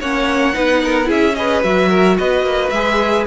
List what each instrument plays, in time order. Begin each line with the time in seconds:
0.00 cello A#3, viola C#4, violin C#5 F#5
0.53 cello B3, viola D#4, violin B4
0.83 violin A#4
1.04 cello C#4, viola E4, violin G#4 E5
1.35 viola G#4, violin B4 D#5
1.63 cello F#3, viola F#4, violin E5
1.89 violin A#4
2.18 cello B3, violin B4 D#5
2.42 cello A#3
2.70 cello G#3, viola G#4, violin E5